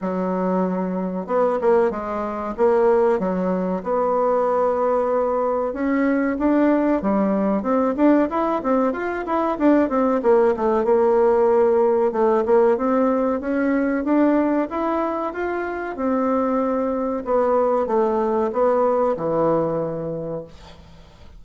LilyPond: \new Staff \with { instrumentName = "bassoon" } { \time 4/4 \tempo 4 = 94 fis2 b8 ais8 gis4 | ais4 fis4 b2~ | b4 cis'4 d'4 g4 | c'8 d'8 e'8 c'8 f'8 e'8 d'8 c'8 |
ais8 a8 ais2 a8 ais8 | c'4 cis'4 d'4 e'4 | f'4 c'2 b4 | a4 b4 e2 | }